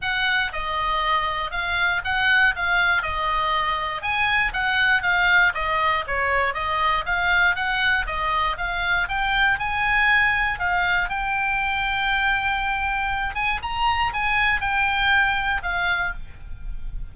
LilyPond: \new Staff \with { instrumentName = "oboe" } { \time 4/4 \tempo 4 = 119 fis''4 dis''2 f''4 | fis''4 f''4 dis''2 | gis''4 fis''4 f''4 dis''4 | cis''4 dis''4 f''4 fis''4 |
dis''4 f''4 g''4 gis''4~ | gis''4 f''4 g''2~ | g''2~ g''8 gis''8 ais''4 | gis''4 g''2 f''4 | }